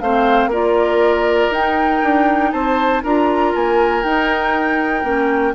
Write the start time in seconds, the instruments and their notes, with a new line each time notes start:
0.00 bassoon A3, clarinet C4, oboe C5, flute F5
0.46 bassoon A#3, clarinet F4, oboe A#4, flute D5
1.51 bassoon D#4, clarinet D#4, flute G5
2.03 bassoon D4
2.52 bassoon C4, oboe C5, flute A5
3.03 bassoon D4, clarinet F4, oboe A#4, flute A#5
3.55 bassoon A#3, flute G#5
4.03 bassoon D#4, clarinet D#4, flute G5
5.03 bassoon A#3, clarinet C#4